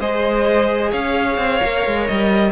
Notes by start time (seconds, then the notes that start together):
0.00 G#3 G#4 C5 D#5
0.91 C#4 C#5 F5
1.38 C4
1.61 A#3 A#4
1.86 G#3
2.07 G3 D#5